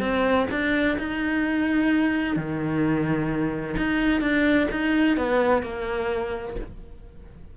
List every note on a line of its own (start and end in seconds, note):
0.00 0.47 C4
0.51 0.97 D4
0.99 2.36 D#4
2.36 3.76 D#3
3.77 4.21 D#4
4.21 4.68 D4
4.71 5.17 D#4
5.17 5.63 B3
5.63 6.56 A#3